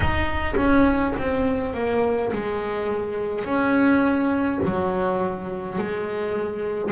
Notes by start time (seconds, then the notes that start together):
0.00 D#4
0.56 C#4
1.17 C4
1.74 A#3
2.32 G#3
3.44 C#4
4.65 F#3
5.78 G#3